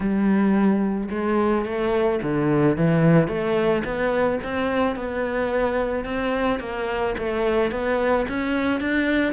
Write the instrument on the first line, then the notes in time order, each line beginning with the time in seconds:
cello
0.00 G3
1.10 G#3
1.65 A3
2.22 D3
2.76 E3
3.28 A3
3.84 B3
4.43 C4
4.95 B3
6.04 C4
6.59 A#3
7.18 A3
7.71 B3
8.28 C#4
8.80 D4